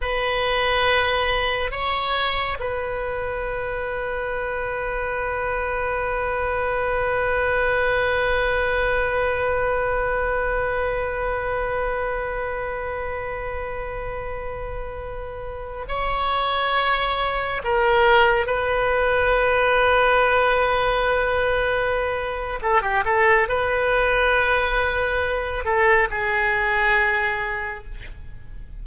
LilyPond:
\new Staff \with { instrumentName = "oboe" } { \time 4/4 \tempo 4 = 69 b'2 cis''4 b'4~ | b'1~ | b'1~ | b'1~ |
b'2~ b'16 cis''4.~ cis''16~ | cis''16 ais'4 b'2~ b'8.~ | b'2 a'16 g'16 a'8 b'4~ | b'4. a'8 gis'2 | }